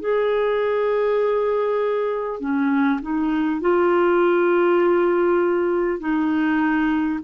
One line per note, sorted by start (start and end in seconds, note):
0.00 2.40 G#4
2.40 3.00 C#4
3.01 3.60 D#4
3.60 5.99 F4
5.99 7.19 D#4